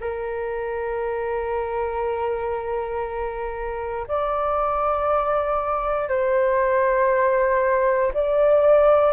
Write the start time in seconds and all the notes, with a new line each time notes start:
0.00 A#4
4.08 D5
6.08 C5
8.14 D5